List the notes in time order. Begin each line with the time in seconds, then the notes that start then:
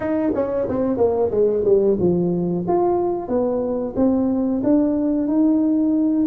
0.00 D#4
0.34 C#4
0.68 C4
0.97 A#3
1.30 G#3
1.64 G3
1.99 F3
2.67 F4
3.28 B3
3.96 C4
4.63 D4
5.27 D#4